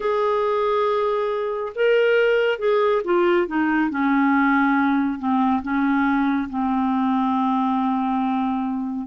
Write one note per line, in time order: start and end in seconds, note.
0.00 1.73 G#4
1.75 2.58 A#4
2.58 3.01 G#4
3.04 3.47 F4
3.47 3.90 D#4
3.90 5.18 C#4
5.18 5.62 C4
5.62 6.48 C#4
6.49 9.06 C4